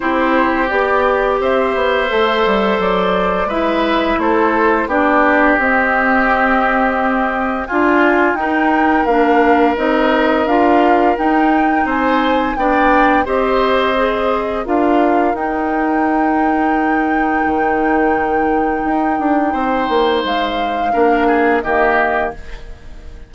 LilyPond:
<<
  \new Staff \with { instrumentName = "flute" } { \time 4/4 \tempo 4 = 86 c''4 d''4 e''2 | d''4 e''4 c''4 d''4 | dis''2. gis''4 | g''4 f''4 dis''4 f''4 |
g''4 gis''4 g''4 dis''4~ | dis''4 f''4 g''2~ | g''1~ | g''4 f''2 dis''4 | }
  \new Staff \with { instrumentName = "oboe" } { \time 4/4 g'2 c''2~ | c''4 b'4 a'4 g'4~ | g'2. f'4 | ais'1~ |
ais'4 c''4 d''4 c''4~ | c''4 ais'2.~ | ais'1 | c''2 ais'8 gis'8 g'4 | }
  \new Staff \with { instrumentName = "clarinet" } { \time 4/4 e'4 g'2 a'4~ | a'4 e'2 d'4 | c'2. f'4 | dis'4 d'4 dis'4 f'4 |
dis'2 d'4 g'4 | gis'4 f'4 dis'2~ | dis'1~ | dis'2 d'4 ais4 | }
  \new Staff \with { instrumentName = "bassoon" } { \time 4/4 c'4 b4 c'8 b8 a8 g8 | fis4 gis4 a4 b4 | c'2. d'4 | dis'4 ais4 c'4 d'4 |
dis'4 c'4 b4 c'4~ | c'4 d'4 dis'2~ | dis'4 dis2 dis'8 d'8 | c'8 ais8 gis4 ais4 dis4 | }
>>